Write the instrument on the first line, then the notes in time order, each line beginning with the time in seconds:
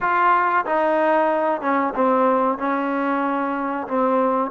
trombone
0.00 F4
0.65 D#4
1.61 C#4
1.94 C4
2.58 C#4
3.87 C4